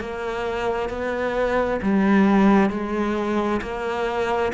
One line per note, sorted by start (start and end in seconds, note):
0.00 0.89 A#3
0.89 1.80 B3
1.82 2.70 G3
2.70 3.61 G#3
3.61 4.52 A#3